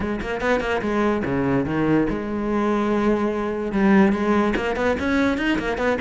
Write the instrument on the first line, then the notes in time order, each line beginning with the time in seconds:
cello
0.00 G#3
0.21 A#3
0.40 B3
0.60 A#3
0.81 G#3
1.24 C#3
1.65 D#3
2.09 G#3
3.72 G3
4.12 G#3
4.56 A#3
4.75 B3
4.99 C#4
5.37 D#4
5.58 A#3
5.77 B3